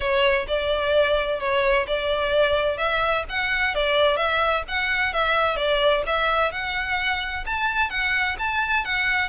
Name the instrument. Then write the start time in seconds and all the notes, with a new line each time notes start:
violin
0.00 C#5
0.47 D5
1.40 C#5
1.87 D5
2.77 E5
3.29 F#5
3.74 D5
4.16 E5
4.68 F#5
5.13 E5
5.56 D5
6.06 E5
6.51 F#5
7.46 A5
7.90 F#5
8.38 A5
8.84 F#5